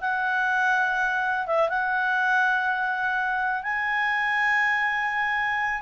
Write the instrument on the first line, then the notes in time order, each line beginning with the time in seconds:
clarinet
0.00 F#5
1.46 E5
1.69 F#5
3.63 G#5